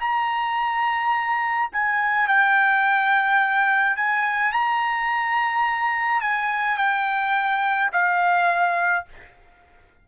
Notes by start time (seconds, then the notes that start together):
0.00 A#5
1.72 G#5
2.28 G5
3.97 G#5
4.52 A#5
6.21 G#5
6.78 G5
7.92 F5